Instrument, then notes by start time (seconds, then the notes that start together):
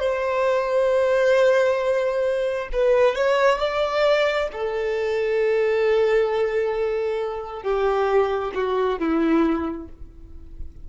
violin
0.00 C5
2.73 B4
3.15 C#5
3.59 D5
4.52 A4
7.62 G4
8.54 F#4
8.99 E4